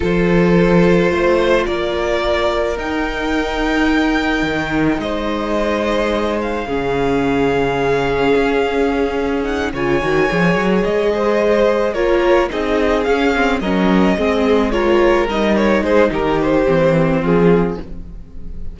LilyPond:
<<
  \new Staff \with { instrumentName = "violin" } { \time 4/4 \tempo 4 = 108 c''2. d''4~ | d''4 g''2.~ | g''4 dis''2~ dis''8 f''8~ | f''1~ |
f''4 fis''8 gis''2 dis''8~ | dis''4. cis''4 dis''4 f''8~ | f''8 dis''2 cis''4 dis''8 | cis''8 c''8 ais'8 c''4. gis'4 | }
  \new Staff \with { instrumentName = "violin" } { \time 4/4 a'2 c''4 ais'4~ | ais'1~ | ais'4 c''2. | gis'1~ |
gis'4. cis''2~ cis''8 | c''4. ais'4 gis'4.~ | gis'8 ais'4 gis'4 ais'4.~ | ais'8 gis'8 g'2 f'4 | }
  \new Staff \with { instrumentName = "viola" } { \time 4/4 f'1~ | f'4 dis'2.~ | dis'1 | cis'1~ |
cis'4 dis'8 f'8 fis'8 gis'4.~ | gis'4. f'4 dis'4 cis'8 | c'8 cis'4 c'4 f'4 dis'8~ | dis'2 c'2 | }
  \new Staff \with { instrumentName = "cello" } { \time 4/4 f2 a4 ais4~ | ais4 dis'2. | dis4 gis2. | cis2. cis'4~ |
cis'4. cis8 dis8 f8 fis8 gis8~ | gis4. ais4 c'4 cis'8~ | cis'8 fis4 gis2 g8~ | g8 gis8 dis4 e4 f4 | }
>>